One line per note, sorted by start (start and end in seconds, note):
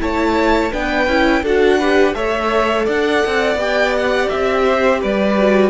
0.00 0.73 A3
0.00 0.71 E4
0.00 0.72 C#5
0.00 0.73 A5
0.72 1.07 B3
0.72 1.08 D4
0.72 1.43 B4
0.72 1.45 G5
1.07 1.43 C#4
1.07 1.45 E4
1.43 2.15 D4
1.43 1.81 F#4
1.43 1.79 A4
1.43 2.14 F#5
1.79 2.15 G4
1.79 2.15 B4
2.14 2.87 A3
2.14 3.58 A4
2.14 2.86 C#5
2.14 2.86 E5
2.86 3.24 D4
2.86 4.64 D5
2.86 3.61 F#5
3.27 3.56 C4
3.56 4.27 B3
3.56 5.37 G4
3.56 3.96 G5
3.97 4.29 F#5
4.29 5.04 C4
4.29 5.01 E5
4.65 5.00 C5
5.01 5.71 G3
5.01 5.71 B4
5.01 5.71 D5
5.38 5.71 F#4